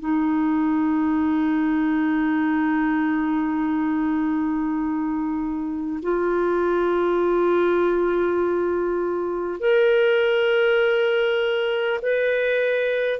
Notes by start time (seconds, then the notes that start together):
0.00 D#4
6.03 F4
9.60 A#4
12.02 B4